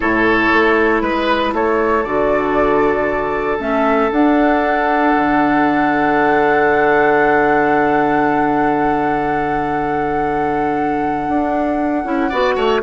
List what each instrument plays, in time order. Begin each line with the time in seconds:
0.00 bassoon A2, clarinet E4, oboe A4, flute C#5
0.53 bassoon A3
1.01 bassoon G#3, flute B4, oboe B4
1.53 bassoon A3, oboe A4, flute C#5
2.03 bassoon D3, clarinet F#4, flute D5
3.59 bassoon A3, clarinet C#4, flute E5
4.11 clarinet D4, bassoon D4, flute F#5
5.15 bassoon D3
11.28 bassoon D4
12.04 bassoon C#4, clarinet E4
12.29 bassoon B3, clarinet F#4, oboe D5
12.55 bassoon A3, oboe C#5